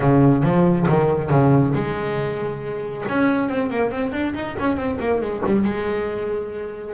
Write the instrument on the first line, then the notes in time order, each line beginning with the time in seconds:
double bass
0.00 C#3
0.43 F3
0.88 D#3
1.30 C#3
1.74 G#3
3.08 C#4
3.49 C4
3.70 A#3
3.91 C4
4.12 D4
4.34 D#4
4.59 C#4
4.76 C4
4.99 A#3
5.21 G#3
5.46 G3
5.64 G#3